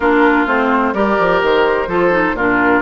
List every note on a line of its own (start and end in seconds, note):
0.00 0.45 A#3
0.00 0.47 D4
0.00 0.94 F4
0.00 0.46 A#4
0.46 0.93 A3
0.46 0.94 C4
0.46 0.94 C5
0.93 1.17 G3
0.93 1.88 G4
0.93 1.88 A#4
0.93 1.41 D5
1.19 1.42 F3
1.42 1.87 D#3
1.42 2.37 C5
1.87 2.32 F3
1.87 2.11 F4
1.87 2.36 A4
2.11 2.34 D#4
2.32 2.80 A#2
2.32 2.81 F4
2.32 2.81 A#4
2.39 2.81 D4